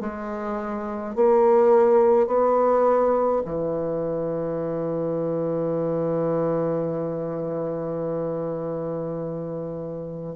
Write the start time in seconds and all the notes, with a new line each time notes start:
0.00 G#3
1.15 A#3
2.27 B3
3.45 E3